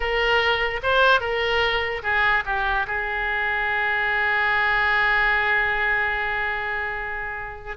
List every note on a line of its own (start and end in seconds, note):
0.00 0.80 A#4
0.82 1.20 C5
1.20 2.02 A#4
2.02 2.43 G#4
2.45 2.86 G4
2.87 7.77 G#4